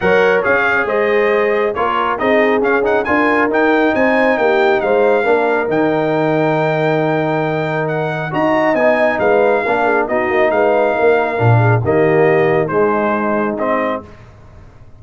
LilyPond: <<
  \new Staff \with { instrumentName = "trumpet" } { \time 4/4 \tempo 4 = 137 fis''4 f''4 dis''2 | cis''4 dis''4 f''8 fis''8 gis''4 | g''4 gis''4 g''4 f''4~ | f''4 g''2.~ |
g''2 fis''4 ais''4 | gis''4 f''2 dis''4 | f''2. dis''4~ | dis''4 c''2 dis''4 | }
  \new Staff \with { instrumentName = "horn" } { \time 4/4 cis''2 c''2 | ais'4 gis'2 ais'4~ | ais'4 c''4 g'4 c''4 | ais'1~ |
ais'2. dis''4~ | dis''4 b'4 ais'8 gis'8 fis'4 | b'4 ais'4. gis'8 g'4~ | g'4 dis'2. | }
  \new Staff \with { instrumentName = "trombone" } { \time 4/4 ais'4 gis'2. | f'4 dis'4 cis'8 dis'8 f'4 | dis'1 | d'4 dis'2.~ |
dis'2. fis'4 | dis'2 d'4 dis'4~ | dis'2 d'4 ais4~ | ais4 gis2 c'4 | }
  \new Staff \with { instrumentName = "tuba" } { \time 4/4 fis4 cis'4 gis2 | ais4 c'4 cis'4 d'4 | dis'4 c'4 ais4 gis4 | ais4 dis2.~ |
dis2. dis'4 | b4 gis4 ais4 b8 ais8 | gis4 ais4 ais,4 dis4~ | dis4 gis2. | }
>>